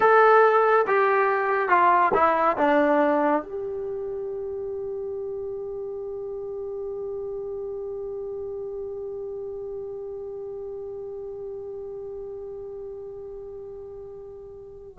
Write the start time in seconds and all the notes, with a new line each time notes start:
0.00 A4
0.87 G4
1.69 F4
2.14 E4
2.57 D4
3.42 G4